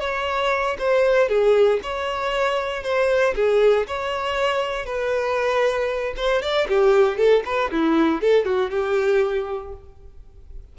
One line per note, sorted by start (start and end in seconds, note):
0.00 0.77 C#5
0.79 1.29 C5
1.29 1.80 G#4
1.83 2.83 C#5
2.83 3.34 C5
3.35 3.87 G#4
3.87 4.86 C#5
4.86 6.14 B4
6.17 6.42 C5
6.42 6.68 D5
6.69 7.18 G4
7.18 7.43 A4
7.45 7.71 B4
7.71 8.21 E4
8.21 8.45 A4
8.45 8.70 F#4
8.70 9.73 G4